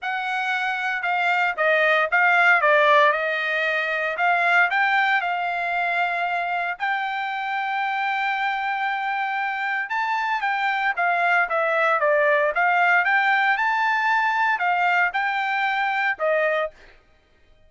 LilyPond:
\new Staff \with { instrumentName = "trumpet" } { \time 4/4 \tempo 4 = 115 fis''2 f''4 dis''4 | f''4 d''4 dis''2 | f''4 g''4 f''2~ | f''4 g''2.~ |
g''2. a''4 | g''4 f''4 e''4 d''4 | f''4 g''4 a''2 | f''4 g''2 dis''4 | }